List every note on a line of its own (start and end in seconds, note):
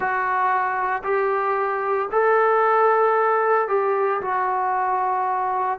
0.00 1.02 F#4
1.03 2.09 G4
2.11 3.68 A4
3.68 4.21 G4
4.21 5.78 F#4